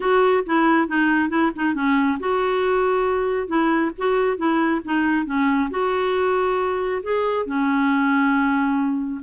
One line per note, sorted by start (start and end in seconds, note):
0.00 0.44 F#4
0.46 0.88 E4
0.88 1.29 D#4
1.29 1.51 E4
1.55 1.74 D#4
1.74 2.18 C#4
2.19 3.47 F#4
3.47 3.91 E4
3.98 4.37 F#4
4.37 4.81 E4
4.84 5.25 D#4
5.25 5.69 C#4
5.70 7.02 F#4
7.03 7.46 G#4
7.46 9.21 C#4